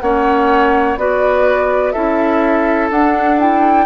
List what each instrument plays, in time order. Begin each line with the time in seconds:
0.00 bassoon A#3, clarinet C#4, oboe C#5, flute F#5
0.96 bassoon B3, clarinet F#4, oboe B4, flute D5
1.92 bassoon C#4, clarinet E4, oboe A4, flute E5
2.90 bassoon D4, clarinet D4, flute F#5
3.39 clarinet E4, flute G5